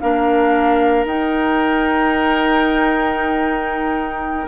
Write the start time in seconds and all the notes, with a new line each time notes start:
0.00 A#3 D4 A#4 F5
1.04 D#4 G5